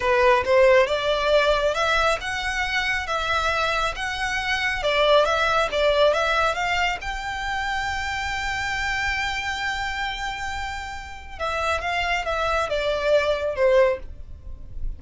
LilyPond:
\new Staff \with { instrumentName = "violin" } { \time 4/4 \tempo 4 = 137 b'4 c''4 d''2 | e''4 fis''2 e''4~ | e''4 fis''2 d''4 | e''4 d''4 e''4 f''4 |
g''1~ | g''1~ | g''2 e''4 f''4 | e''4 d''2 c''4 | }